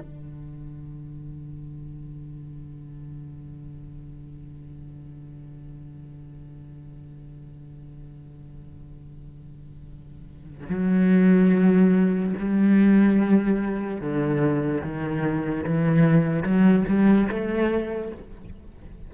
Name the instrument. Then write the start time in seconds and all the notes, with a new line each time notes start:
cello
0.00 D3
10.69 F#3
12.39 G3
14.01 D3
14.82 D#3
15.64 E3
16.43 F#3
16.88 G3
17.30 A3